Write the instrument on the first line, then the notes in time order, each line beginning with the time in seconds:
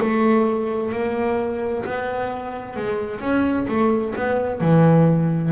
double bass
0.00 A3
0.92 A#3
1.85 B3
2.76 G#3
3.20 C#4
3.68 A3
4.15 B3
4.61 E3